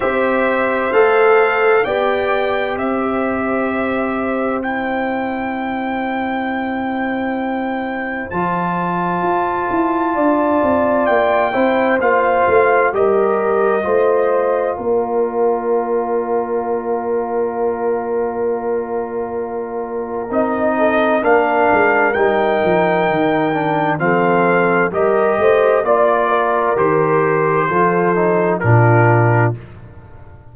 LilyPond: <<
  \new Staff \with { instrumentName = "trumpet" } { \time 4/4 \tempo 4 = 65 e''4 f''4 g''4 e''4~ | e''4 g''2.~ | g''4 a''2. | g''4 f''4 dis''2 |
d''1~ | d''2 dis''4 f''4 | g''2 f''4 dis''4 | d''4 c''2 ais'4 | }
  \new Staff \with { instrumentName = "horn" } { \time 4/4 c''2 d''4 c''4~ | c''1~ | c''2. d''4~ | d''8 c''4. ais'4 c''4 |
ais'1~ | ais'2~ ais'8 a'8 ais'4~ | ais'2 a'4 ais'8 c''8 | d''8 ais'4. a'4 f'4 | }
  \new Staff \with { instrumentName = "trombone" } { \time 4/4 g'4 a'4 g'2~ | g'4 e'2.~ | e'4 f'2.~ | f'8 e'8 f'4 g'4 f'4~ |
f'1~ | f'2 dis'4 d'4 | dis'4. d'8 c'4 g'4 | f'4 g'4 f'8 dis'8 d'4 | }
  \new Staff \with { instrumentName = "tuba" } { \time 4/4 c'4 a4 b4 c'4~ | c'1~ | c'4 f4 f'8 e'8 d'8 c'8 | ais8 c'8 ais8 a8 g4 a4 |
ais1~ | ais2 c'4 ais8 gis8 | g8 f8 dis4 f4 g8 a8 | ais4 dis4 f4 ais,4 | }
>>